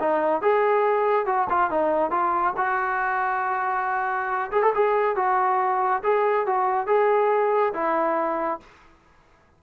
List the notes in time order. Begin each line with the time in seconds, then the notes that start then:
0.00 D#4
0.42 G#4
1.26 F#4
1.50 F4
1.71 D#4
2.11 F4
2.57 F#4
4.52 G#4
4.63 A4
4.75 G#4
5.16 F#4
6.04 G#4
6.46 F#4
6.87 G#4
7.74 E4